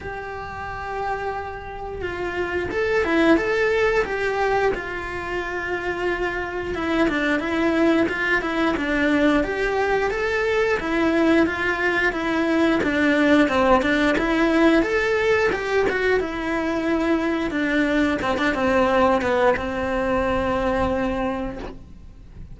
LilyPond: \new Staff \with { instrumentName = "cello" } { \time 4/4 \tempo 4 = 89 g'2. f'4 | a'8 e'8 a'4 g'4 f'4~ | f'2 e'8 d'8 e'4 | f'8 e'8 d'4 g'4 a'4 |
e'4 f'4 e'4 d'4 | c'8 d'8 e'4 a'4 g'8 fis'8 | e'2 d'4 c'16 d'16 c'8~ | c'8 b8 c'2. | }